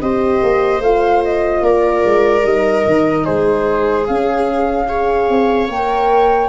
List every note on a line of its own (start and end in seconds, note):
0.00 0.41 C4
0.00 0.82 G4
0.00 1.64 C5
0.00 0.81 D#5
0.42 0.79 A#3
0.79 1.60 A3
0.79 2.43 F4
0.79 1.23 F5
1.24 1.64 D#5
1.61 2.02 A#3
1.61 3.24 A#4
1.61 2.45 D5
2.04 2.44 G#3
2.43 2.84 G3
2.43 4.05 D#4
2.43 3.25 D#5
2.86 3.27 D#3
3.24 4.09 G#3
3.24 4.86 G#4
3.24 4.06 C5
4.06 4.87 C#4
4.06 5.29 C#4
4.06 5.68 F5
4.87 5.68 G#4
4.87 6.49 C#5
5.29 5.68 C4
5.68 6.49 A#3
5.68 6.49 A#4
5.68 6.49 G5